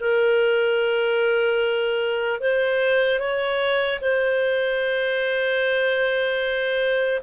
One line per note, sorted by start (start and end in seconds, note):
0.00 2.40 A#4
2.40 3.19 C5
3.19 3.99 C#5
4.01 7.21 C5